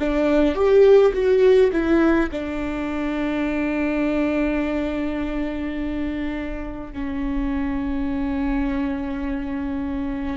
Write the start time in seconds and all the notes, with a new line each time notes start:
0.00 D4
0.55 G4
1.14 F#4
1.73 E4
2.32 D4
6.93 C#4